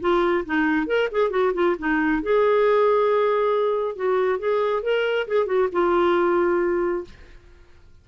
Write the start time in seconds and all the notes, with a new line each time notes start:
0.00 F4
0.46 D#4
0.87 A#4
1.11 G#4
1.30 F#4
1.54 F4
1.79 D#4
2.22 G#4
3.96 F#4
4.39 G#4
4.83 A#4
5.27 G#4
5.46 F#4
5.72 F4